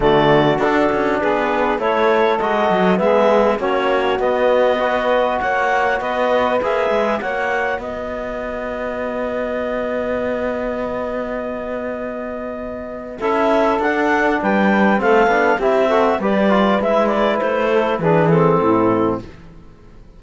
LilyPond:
<<
  \new Staff \with { instrumentName = "clarinet" } { \time 4/4 \tempo 4 = 100 d''4 a'4 b'4 cis''4 | dis''4 e''4 cis''4 dis''4~ | dis''4 fis''4 dis''4 e''4 | fis''4 dis''2.~ |
dis''1~ | dis''2 e''4 fis''4 | g''4 f''4 e''4 d''4 | e''8 d''8 c''4 b'8 a'4. | }
  \new Staff \with { instrumentName = "saxophone" } { \time 4/4 fis'2 gis'4 a'4~ | a'4 gis'4 fis'2 | b'4 cis''4 b'2 | cis''4 b'2.~ |
b'1~ | b'2 a'2 | b'4 a'4 g'8 a'8 b'4~ | b'4. a'8 gis'4 e'4 | }
  \new Staff \with { instrumentName = "trombone" } { \time 4/4 a4 d'2 e'4 | fis'4 b4 cis'4 b4 | fis'2. gis'4 | fis'1~ |
fis'1~ | fis'2 e'4 d'4~ | d'4 c'8 d'8 e'8 fis'8 g'8 f'8 | e'2 d'8 c'4. | }
  \new Staff \with { instrumentName = "cello" } { \time 4/4 d4 d'8 cis'8 b4 a4 | gis8 fis8 gis4 ais4 b4~ | b4 ais4 b4 ais8 gis8 | ais4 b2.~ |
b1~ | b2 cis'4 d'4 | g4 a8 b8 c'4 g4 | gis4 a4 e4 a,4 | }
>>